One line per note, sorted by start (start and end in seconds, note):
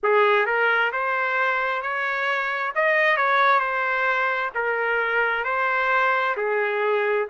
0.03 0.45 G#4
0.45 0.91 A#4
0.92 1.82 C5
1.82 2.73 C#5
2.75 3.16 D#5
3.16 3.59 C#5
3.59 4.50 C5
4.55 5.44 A#4
5.44 6.35 C5
6.36 7.27 G#4